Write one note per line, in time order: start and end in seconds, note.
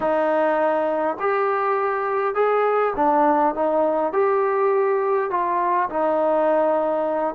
0.00 1.17 D#4
1.19 2.34 G4
2.34 2.93 G#4
2.96 3.55 D4
3.55 4.12 D#4
4.12 5.30 G4
5.30 5.89 F4
5.89 7.34 D#4